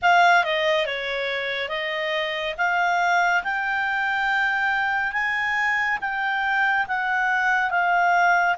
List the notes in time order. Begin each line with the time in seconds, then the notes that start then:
0.02 F5
0.44 D#5
0.86 C#5
1.69 D#5
2.57 F5
3.43 G5
5.12 G#5
6.00 G5
6.87 F#5
7.70 F5